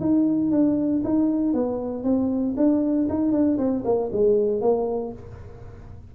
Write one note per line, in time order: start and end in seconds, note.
0.00 0.51 D#4
0.51 1.02 D4
1.04 1.53 D#4
1.53 2.03 B3
2.03 2.55 C4
2.57 3.08 D4
3.09 3.32 D#4
3.32 3.58 D4
3.58 3.83 C4
3.85 4.10 A#3
4.12 4.61 G#3
4.61 5.12 A#3